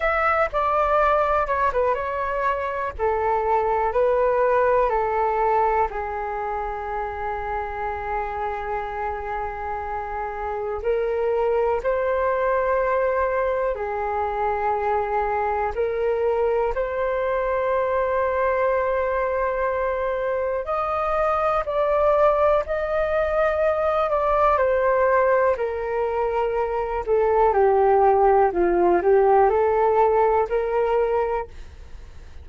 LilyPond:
\new Staff \with { instrumentName = "flute" } { \time 4/4 \tempo 4 = 61 e''8 d''4 cis''16 b'16 cis''4 a'4 | b'4 a'4 gis'2~ | gis'2. ais'4 | c''2 gis'2 |
ais'4 c''2.~ | c''4 dis''4 d''4 dis''4~ | dis''8 d''8 c''4 ais'4. a'8 | g'4 f'8 g'8 a'4 ais'4 | }